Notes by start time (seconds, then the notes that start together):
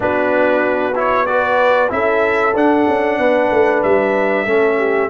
0.00 B3 D4 F#4 B4
0.95 E4 C#5
1.26 F#4 B4 D5
1.89 C#4 E4 A4 E5
2.55 D4 F#5
2.88 C#4
3.18 B3 B4
3.51 A3
3.83 G3 E5
4.44 A3 C#4 A4
4.78 G4